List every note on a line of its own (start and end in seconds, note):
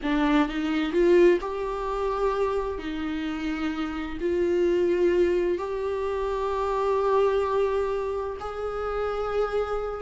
0.02 0.48 D4
0.48 0.92 D#4
0.92 1.38 F4
1.40 2.78 G4
2.78 4.18 D#4
4.20 5.58 F4
5.58 8.37 G4
8.40 10.01 G#4